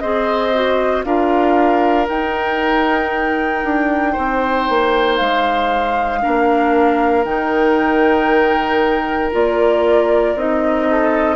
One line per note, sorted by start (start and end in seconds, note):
0.00 1.05 C4
0.00 0.54 G#4
0.00 1.06 C5
0.00 1.03 D#5
0.55 1.06 F#4
1.05 2.08 D4
1.05 2.08 F4
1.05 4.13 A#4
1.05 2.08 F5
2.08 6.22 D#4
2.08 3.65 D#4
2.08 5.18 G5
3.65 4.16 D4
4.13 4.69 C4
4.13 6.20 C5
4.69 5.21 A#3
5.18 6.24 G#3
5.18 7.25 F5
6.22 7.25 A#3
6.22 7.25 D4
6.22 10.88 A#4
7.25 9.32 D#3
7.25 9.32 D#4
7.25 9.32 G5
9.32 10.36 A#3
9.32 10.36 F4
9.32 10.38 D5
10.36 11.36 C4
10.36 11.36 D#4
10.36 11.36 D#5
10.91 11.36 A4